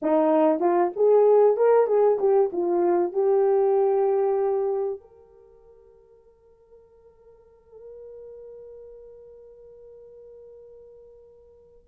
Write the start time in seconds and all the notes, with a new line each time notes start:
0.02 D#4
0.59 F4
0.95 G#4
1.57 A#4
1.86 G#4
2.19 G4
2.52 F4
3.12 G4
5.00 A#4